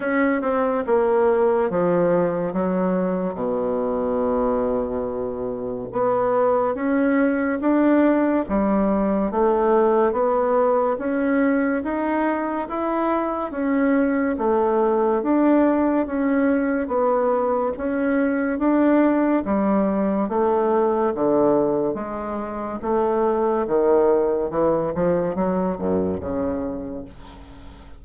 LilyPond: \new Staff \with { instrumentName = "bassoon" } { \time 4/4 \tempo 4 = 71 cis'8 c'8 ais4 f4 fis4 | b,2. b4 | cis'4 d'4 g4 a4 | b4 cis'4 dis'4 e'4 |
cis'4 a4 d'4 cis'4 | b4 cis'4 d'4 g4 | a4 d4 gis4 a4 | dis4 e8 f8 fis8 fis,8 cis4 | }